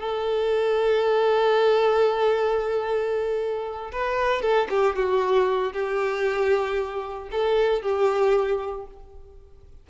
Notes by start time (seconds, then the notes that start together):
0.00 A4
3.92 B4
4.42 A4
4.69 G4
4.96 F#4
5.73 G4
7.31 A4
7.82 G4